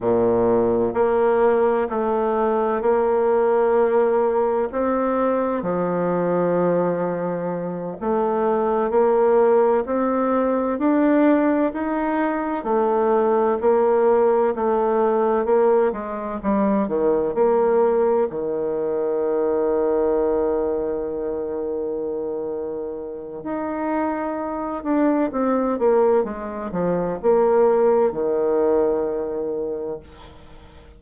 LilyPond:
\new Staff \with { instrumentName = "bassoon" } { \time 4/4 \tempo 4 = 64 ais,4 ais4 a4 ais4~ | ais4 c'4 f2~ | f8 a4 ais4 c'4 d'8~ | d'8 dis'4 a4 ais4 a8~ |
a8 ais8 gis8 g8 dis8 ais4 dis8~ | dis1~ | dis4 dis'4. d'8 c'8 ais8 | gis8 f8 ais4 dis2 | }